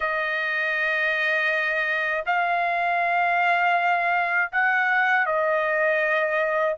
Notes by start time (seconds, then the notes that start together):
0.00 D#5
2.26 F5
4.51 F#5
5.25 D#5